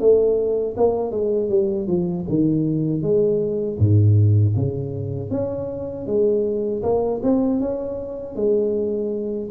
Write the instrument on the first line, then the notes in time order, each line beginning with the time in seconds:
tuba
0.00 A3
0.77 A#3
1.11 G#3
1.49 G3
1.87 F3
2.29 D#3
3.02 G#3
3.79 G#2
4.56 C#3
5.31 C#4
6.07 G#3
6.83 A#3
7.23 C4
7.60 C#4
8.35 G#3